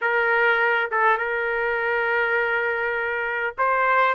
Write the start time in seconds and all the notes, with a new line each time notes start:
0.01 A#4
0.91 A4
1.17 A#4
3.58 C5